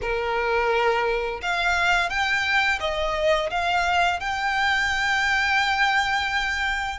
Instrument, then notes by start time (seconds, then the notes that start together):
violin
0.01 A#4
1.41 F5
2.09 G5
2.80 D#5
3.50 F5
4.20 G5